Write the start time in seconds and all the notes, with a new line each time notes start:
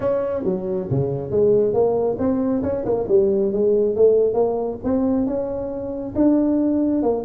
0.00 C#4
0.44 F#3
0.90 C#3
1.30 G#3
1.73 A#3
2.18 C4
2.62 C#4
2.85 A#3
3.08 G3
3.52 G#3
3.95 A3
4.33 A#3
4.84 C4
5.26 C#4
6.15 D4
7.02 A#3